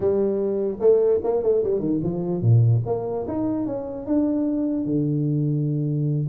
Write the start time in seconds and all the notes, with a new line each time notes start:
0.00 G3
0.80 A3
1.23 A#3
1.42 A3
1.63 G3
1.79 D#3
2.03 F3
2.41 A#2
2.86 A#3
3.27 D#4
3.66 C#4
4.06 D4
4.85 D3